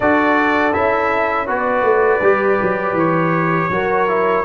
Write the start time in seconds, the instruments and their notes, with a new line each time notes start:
0.00 tuba D4, trombone F#4, horn A4, trumpet D5
0.73 tuba C#4, trombone E4, trumpet E5
1.46 tuba B3, trombone F#4, horn B4, trumpet D5
1.82 tuba A3
2.21 tuba G3, trombone G4
2.62 tuba F#3
2.93 tuba E3, trumpet C#5
3.69 tuba F#3, trombone F#4, horn A#4
4.08 trombone E4